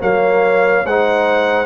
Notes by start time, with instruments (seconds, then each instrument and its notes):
0.00 tuba F#3, trombone A#3, horn C#5, trumpet F5
0.86 tuba G#3, trombone D#4, horn C5, trumpet F#5